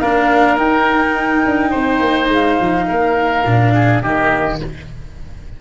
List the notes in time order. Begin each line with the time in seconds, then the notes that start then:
0.00 A#3 D4 A#4 F5
0.57 D#4 G5
1.45 D4
1.70 C4 C5
2.00 A#3
2.28 G#3 F5
2.60 F3
2.88 A#3 A#4
3.45 A#2 D4
3.74 G#4
4.02 D#3 A#3 G4 D#5